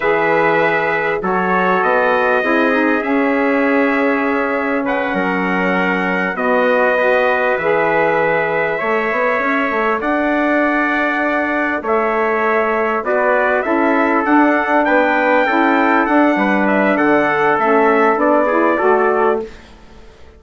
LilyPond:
<<
  \new Staff \with { instrumentName = "trumpet" } { \time 4/4 \tempo 4 = 99 e''2 cis''4 dis''4~ | dis''4 e''2. | fis''2~ fis''8 dis''4.~ | dis''8 e''2.~ e''8~ |
e''8 fis''2. e''8~ | e''4. d''4 e''4 fis''8~ | fis''8 g''2 fis''4 e''8 | fis''4 e''4 d''2 | }
  \new Staff \with { instrumentName = "trumpet" } { \time 4/4 b'2 a'2 | gis'1 | b'8 ais'2 fis'4 b'8~ | b'2~ b'8 cis''4.~ |
cis''8 d''2. cis''8~ | cis''4. b'4 a'4.~ | a'8 b'4 a'4. b'4 | a'2~ a'8 gis'8 a'4 | }
  \new Staff \with { instrumentName = "saxophone" } { \time 4/4 gis'2 fis'2 | e'8 dis'8 cis'2.~ | cis'2~ cis'8 b4 fis'8~ | fis'8 gis'2 a'4.~ |
a'1~ | a'4. fis'4 e'4 d'8~ | d'4. e'4 d'4.~ | d'4 cis'4 d'8 e'8 fis'4 | }
  \new Staff \with { instrumentName = "bassoon" } { \time 4/4 e2 fis4 b4 | c'4 cis'2. | cis8 fis2 b4.~ | b8 e2 a8 b8 cis'8 |
a8 d'2. a8~ | a4. b4 cis'4 d'8~ | d'8 b4 cis'4 d'8 g4 | d4 a4 b4 a4 | }
>>